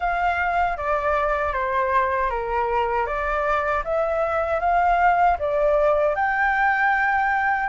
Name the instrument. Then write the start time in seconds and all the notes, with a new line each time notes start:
flute
0.00 F5
0.77 D5
1.53 C5
2.30 A#4
3.06 D5
3.84 E5
4.60 F5
5.38 D5
6.15 G5